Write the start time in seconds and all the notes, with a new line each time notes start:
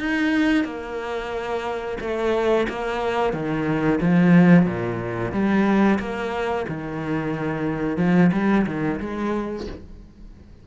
0.00 D#4
0.65 A#3
2.01 A3
2.69 A#3
3.33 D#3
4.01 F3
4.66 A#2
5.32 G3
6.00 A#3
6.68 D#3
7.98 F3
8.33 G3
8.67 D#3
9.00 G#3